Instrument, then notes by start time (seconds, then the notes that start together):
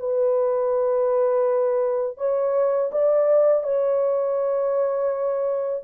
horn
0.00 B4
2.18 C#5
2.92 D5
3.64 C#5